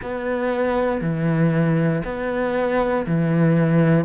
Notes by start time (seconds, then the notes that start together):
0.02 B3
1.01 E3
2.04 B3
3.06 E3